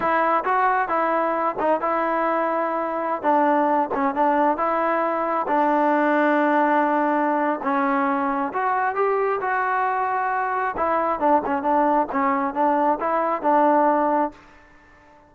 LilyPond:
\new Staff \with { instrumentName = "trombone" } { \time 4/4 \tempo 4 = 134 e'4 fis'4 e'4. dis'8 | e'2.~ e'16 d'8.~ | d'8. cis'8 d'4 e'4.~ e'16~ | e'16 d'2.~ d'8.~ |
d'4 cis'2 fis'4 | g'4 fis'2. | e'4 d'8 cis'8 d'4 cis'4 | d'4 e'4 d'2 | }